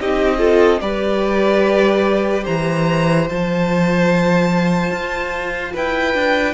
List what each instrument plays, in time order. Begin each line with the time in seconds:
0.00 cello C4, viola D#4, violin G4 D#5
0.39 viola F4, violin A4
0.81 cello G3, viola G4, violin B4 D5
2.44 cello E3, violin C5 A#5
3.27 cello F3, viola F4, violin A5
4.91 cello F4
5.73 cello E4, violin B4 G5
6.14 cello D4